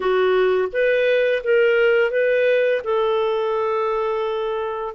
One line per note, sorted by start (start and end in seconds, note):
0.00 0.68 F#4
0.72 1.42 B4
1.43 2.10 A#4
2.10 2.81 B4
2.84 4.94 A4